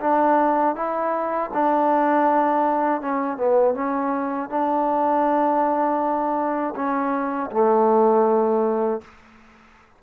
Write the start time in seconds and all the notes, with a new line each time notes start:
0.00 D4
0.75 E4
1.53 D4
3.01 C#4
3.37 B3
3.74 C#4
4.49 D4
6.75 C#4
7.51 A3